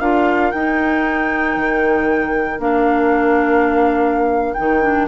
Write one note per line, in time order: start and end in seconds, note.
0.00 0.52 D4
0.00 0.53 F4
0.00 5.07 A#4
0.00 0.51 F5
0.51 1.56 D#4
0.51 2.59 D#4
0.51 2.60 G5
1.56 2.59 D#3
2.59 4.54 A#3
2.59 4.54 D4
2.59 4.53 F5
4.53 5.07 D#3
4.53 4.82 D#4
4.53 5.06 G5
4.82 5.07 D4